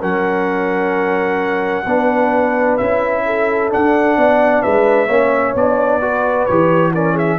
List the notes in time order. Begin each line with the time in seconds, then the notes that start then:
0.00 F#3 C#4 A#4 F#5
1.85 B3 D4 B4
2.77 C#4 E4 E5
3.26 A4
3.70 D4 F#5
4.17 B3 D5
4.62 G#3 B4 E5
5.07 A#3 C#4 C#5
5.55 B3 D4 D5
6.01 F#4 B4
6.46 E3 G4 C#5
6.94 C#4 A#4 D5
7.14 G#4 E5